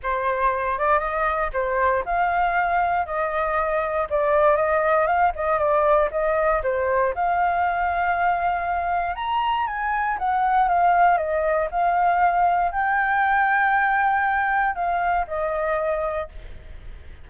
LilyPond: \new Staff \with { instrumentName = "flute" } { \time 4/4 \tempo 4 = 118 c''4. d''8 dis''4 c''4 | f''2 dis''2 | d''4 dis''4 f''8 dis''8 d''4 | dis''4 c''4 f''2~ |
f''2 ais''4 gis''4 | fis''4 f''4 dis''4 f''4~ | f''4 g''2.~ | g''4 f''4 dis''2 | }